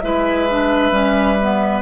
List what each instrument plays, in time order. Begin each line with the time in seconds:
0.00 bassoon G#3, clarinet E4, oboe B4, flute E5
0.50 clarinet D4
0.91 bassoon G3, clarinet C#4
1.41 clarinet B3